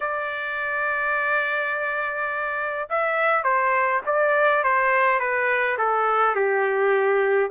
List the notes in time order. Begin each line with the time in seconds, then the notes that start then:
0.00 D5
2.89 E5
3.43 C5
4.05 D5
4.63 C5
5.19 B4
5.77 A4
6.35 G4